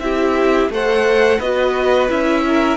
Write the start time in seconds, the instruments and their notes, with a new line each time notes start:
0.00 cello C4, viola E4, violin G4 E5
0.70 cello A3, viola A4, violin C5 F#5
1.39 cello B3, viola F#4, violin B4 D#5
2.09 cello C#4, viola E4, violin E5
2.48 violin A#4